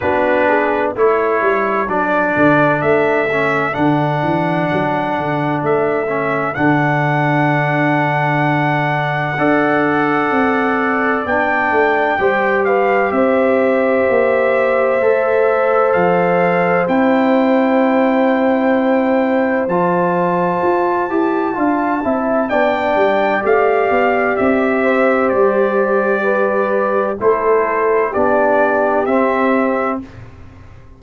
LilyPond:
<<
  \new Staff \with { instrumentName = "trumpet" } { \time 4/4 \tempo 4 = 64 b'4 cis''4 d''4 e''4 | fis''2 e''4 fis''4~ | fis''1 | g''4. f''8 e''2~ |
e''4 f''4 g''2~ | g''4 a''2. | g''4 f''4 e''4 d''4~ | d''4 c''4 d''4 e''4 | }
  \new Staff \with { instrumentName = "horn" } { \time 4/4 fis'8 gis'8 a'2.~ | a'1~ | a'2 d''2~ | d''4 c''8 b'8 c''2~ |
c''1~ | c''2. f''8 e''8 | d''2~ d''8 c''4. | b'4 a'4 g'2 | }
  \new Staff \with { instrumentName = "trombone" } { \time 4/4 d'4 e'4 d'4. cis'8 | d'2~ d'8 cis'8 d'4~ | d'2 a'2 | d'4 g'2. |
a'2 e'2~ | e'4 f'4. g'8 f'8 e'8 | d'4 g'2.~ | g'4 e'4 d'4 c'4 | }
  \new Staff \with { instrumentName = "tuba" } { \time 4/4 b4 a8 g8 fis8 d8 a4 | d8 e8 fis8 d8 a4 d4~ | d2 d'4 c'4 | b8 a8 g4 c'4 ais4 |
a4 f4 c'2~ | c'4 f4 f'8 e'8 d'8 c'8 | b8 g8 a8 b8 c'4 g4~ | g4 a4 b4 c'4 | }
>>